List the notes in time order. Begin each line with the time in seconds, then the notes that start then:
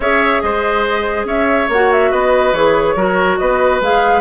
0.00 C#4 G#4 C#5 E5
0.41 G#3 C5 D#5
1.25 C#4 C#5 E5
1.68 A#3 F#4 F#5
1.92 E5
2.10 B3 B4 D#5
2.52 E3 G#4 C#5
2.95 F#3 F#4 A#4
3.38 B3 B4 D#5
3.81 G#3 G#4 F5